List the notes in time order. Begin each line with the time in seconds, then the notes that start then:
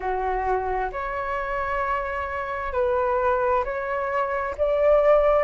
0.00 F#4
0.91 C#5
2.73 B4
3.64 C#5
4.57 D5